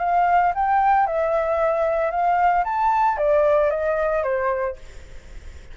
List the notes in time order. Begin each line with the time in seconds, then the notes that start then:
0.00 F5
0.55 G5
1.07 E5
2.11 F5
2.65 A5
3.17 D5
3.70 D#5
4.23 C5